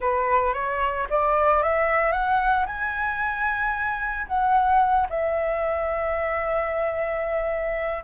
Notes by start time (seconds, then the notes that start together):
0.00 B4
0.53 C#5
1.10 D5
1.62 E5
2.12 F#5
2.66 G#5
4.27 F#5
5.09 E5